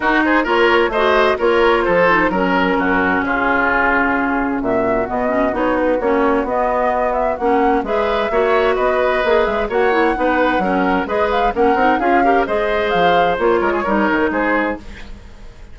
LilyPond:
<<
  \new Staff \with { instrumentName = "flute" } { \time 4/4 \tempo 4 = 130 ais'8 c''8 cis''4 dis''4 cis''4 | c''4 ais'2 gis'4~ | gis'2 e''4 dis''4 | cis''8 b'8 cis''4 dis''4. e''8 |
fis''4 e''2 dis''4~ | dis''8 e''8 fis''2. | dis''8 f''8 fis''4 f''4 dis''4 | f''4 cis''2 c''4 | }
  \new Staff \with { instrumentName = "oboe" } { \time 4/4 fis'8 gis'8 ais'4 c''4 ais'4 | a'4 ais'4 fis'4 f'4~ | f'2 fis'2~ | fis'1~ |
fis'4 b'4 cis''4 b'4~ | b'4 cis''4 b'4 ais'4 | b'4 ais'4 gis'8 ais'8 c''4~ | c''4. ais'16 gis'16 ais'4 gis'4 | }
  \new Staff \with { instrumentName = "clarinet" } { \time 4/4 dis'4 f'4 fis'4 f'4~ | f'8 dis'8 cis'2.~ | cis'2. b8 cis'8 | dis'4 cis'4 b2 |
cis'4 gis'4 fis'2 | gis'4 fis'8 e'8 dis'4 cis'4 | gis'4 cis'8 dis'8 f'8 g'8 gis'4~ | gis'4 f'4 dis'2 | }
  \new Staff \with { instrumentName = "bassoon" } { \time 4/4 dis'4 ais4 a4 ais4 | f4 fis4 fis,4 cis4~ | cis2 ais,4 b,4 | b4 ais4 b2 |
ais4 gis4 ais4 b4 | ais8 gis8 ais4 b4 fis4 | gis4 ais8 c'8 cis'4 gis4 | f4 ais8 gis8 g8 dis8 gis4 | }
>>